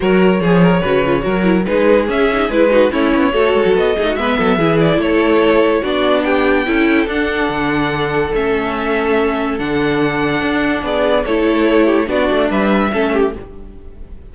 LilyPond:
<<
  \new Staff \with { instrumentName = "violin" } { \time 4/4 \tempo 4 = 144 cis''1 | b'4 e''4 b'4 cis''4~ | cis''4 dis''4 e''4. d''8 | cis''2 d''4 g''4~ |
g''4 fis''2. | e''2. fis''4~ | fis''2 d''4 cis''4~ | cis''4 d''4 e''2 | }
  \new Staff \with { instrumentName = "violin" } { \time 4/4 ais'4 gis'8 ais'8 b'4 ais'4 | gis'2~ gis'8 fis'8 e'4 | a'4. gis'16 fis'16 b'8 a'8 gis'4 | a'2 fis'4 g'4 |
a'1~ | a'1~ | a'2 gis'4 a'4~ | a'8 g'8 fis'4 b'4 a'8 g'8 | }
  \new Staff \with { instrumentName = "viola" } { \time 4/4 fis'4 gis'4 fis'8 f'8 fis'8 e'8 | dis'4 cis'8 dis'8 e'8 dis'8 cis'4 | fis'4. dis'8 b4 e'4~ | e'2 d'2 |
e'4 d'2. | cis'2. d'4~ | d'2. e'4~ | e'4 d'2 cis'4 | }
  \new Staff \with { instrumentName = "cello" } { \time 4/4 fis4 f4 cis4 fis4 | gis4 cis'4 gis4 a8 b8 | a8 gis16 fis16 b8 a8 gis8 fis8 e4 | a2 b2 |
cis'4 d'4 d2 | a2. d4~ | d4 d'4 b4 a4~ | a4 b8 a8 g4 a4 | }
>>